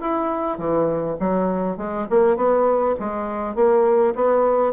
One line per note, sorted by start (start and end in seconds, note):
0.00 0.58 E4
0.58 1.17 E3
1.19 1.77 F#3
1.77 2.06 G#3
2.10 2.36 A#3
2.36 2.95 B3
2.99 3.55 G#3
3.55 4.14 A#3
4.15 4.73 B3